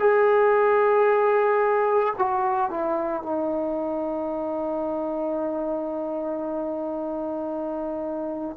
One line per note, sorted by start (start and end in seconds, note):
0.00 2.14 G#4
2.18 2.71 F#4
2.71 3.23 E4
3.23 8.57 D#4